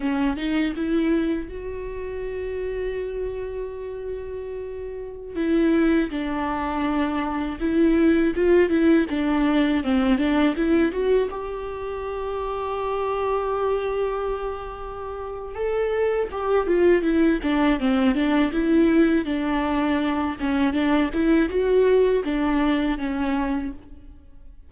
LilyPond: \new Staff \with { instrumentName = "viola" } { \time 4/4 \tempo 4 = 81 cis'8 dis'8 e'4 fis'2~ | fis'2.~ fis'16 e'8.~ | e'16 d'2 e'4 f'8 e'16~ | e'16 d'4 c'8 d'8 e'8 fis'8 g'8.~ |
g'1~ | g'4 a'4 g'8 f'8 e'8 d'8 | c'8 d'8 e'4 d'4. cis'8 | d'8 e'8 fis'4 d'4 cis'4 | }